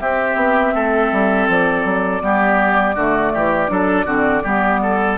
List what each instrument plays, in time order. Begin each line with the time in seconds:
0.00 clarinet C4, bassoon C4, oboe G4, flute E5
0.36 bassoon B3
0.74 bassoon A3, oboe A4
1.12 bassoon G3
1.48 bassoon F3, flute D5
1.84 bassoon F#3
2.21 bassoon G3, clarinet B3, oboe G4
2.95 bassoon D3, clarinet A3, oboe F#4
3.34 bassoon E3, oboe G4
3.68 bassoon F#3, clarinet D4, oboe A4
4.05 bassoon D3, clarinet C4, oboe F#4
4.43 bassoon G3, clarinet B3, oboe G4
4.83 oboe A4